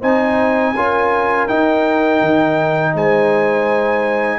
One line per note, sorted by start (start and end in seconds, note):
0.00 0.74 C4
0.00 0.75 D#4
0.00 0.73 C5
0.00 1.48 G#5
0.74 1.47 C#4
0.74 1.48 F4
0.74 2.95 A#4
1.48 4.39 D#4
1.48 2.21 D#4
1.48 2.94 G5
2.21 2.94 D#3
2.94 4.39 G#3
2.94 4.39 C5
2.94 4.39 G#5